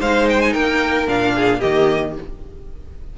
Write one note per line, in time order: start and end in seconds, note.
0.00 0.55 G#3
0.00 1.07 D#4
0.00 0.53 C5
0.00 0.28 F5
0.30 0.42 G5
0.42 0.54 G#5
0.53 1.08 A#3
0.53 1.34 A#4
0.53 1.07 G5
1.07 1.61 A#2
1.07 1.61 D4
1.07 1.61 F5
1.36 1.60 G#4
1.60 2.18 D#3
1.60 2.15 A#3
1.60 2.13 G4
1.60 2.14 D#5